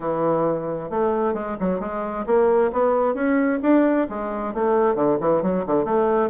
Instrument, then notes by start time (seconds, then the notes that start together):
bassoon
0.00 E3
0.90 A3
1.33 G#3
1.60 F#3
1.80 G#3
2.26 A#3
2.72 B3
3.14 C#4
3.62 D4
4.09 G#3
4.54 A3
4.95 D3
5.20 E3
5.42 F#3
5.66 D3
5.84 A3